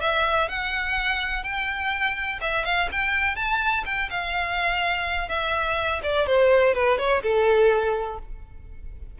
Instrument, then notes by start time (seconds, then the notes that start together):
violin
0.00 E5
0.48 F#5
1.43 G5
2.41 E5
2.65 F5
2.91 G5
3.36 A5
3.85 G5
4.10 F5
5.28 E5
6.03 D5
6.26 C5
6.74 B4
6.98 C#5
7.22 A4